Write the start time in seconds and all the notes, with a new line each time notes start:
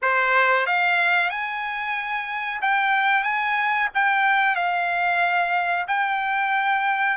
0.02 C5
0.66 F5
1.30 G#5
2.61 G5
3.23 G#5
3.94 G5
4.55 F5
5.87 G5